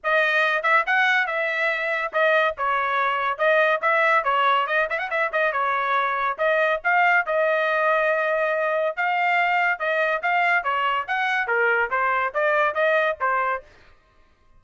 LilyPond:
\new Staff \with { instrumentName = "trumpet" } { \time 4/4 \tempo 4 = 141 dis''4. e''8 fis''4 e''4~ | e''4 dis''4 cis''2 | dis''4 e''4 cis''4 dis''8 e''16 fis''16 | e''8 dis''8 cis''2 dis''4 |
f''4 dis''2.~ | dis''4 f''2 dis''4 | f''4 cis''4 fis''4 ais'4 | c''4 d''4 dis''4 c''4 | }